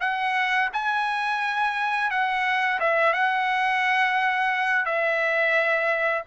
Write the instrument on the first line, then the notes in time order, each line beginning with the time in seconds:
trumpet
0.00 F#5
0.73 G#5
2.10 F#5
2.79 E5
3.13 F#5
4.85 E5